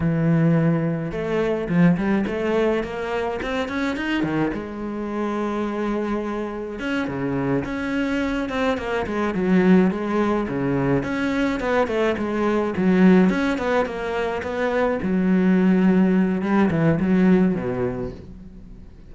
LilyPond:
\new Staff \with { instrumentName = "cello" } { \time 4/4 \tempo 4 = 106 e2 a4 f8 g8 | a4 ais4 c'8 cis'8 dis'8 dis8 | gis1 | cis'8 cis4 cis'4. c'8 ais8 |
gis8 fis4 gis4 cis4 cis'8~ | cis'8 b8 a8 gis4 fis4 cis'8 | b8 ais4 b4 fis4.~ | fis4 g8 e8 fis4 b,4 | }